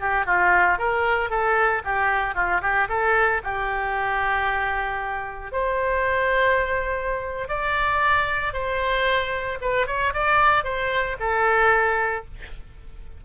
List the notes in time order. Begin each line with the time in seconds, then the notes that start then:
0.00 G4
0.25 F4
0.78 A#4
1.30 A4
1.84 G4
2.35 F4
2.61 G4
2.89 A4
3.44 G4
5.52 C5
7.48 D5
8.53 C5
9.61 B4
9.87 C#5
10.14 D5
10.64 C5
11.19 A4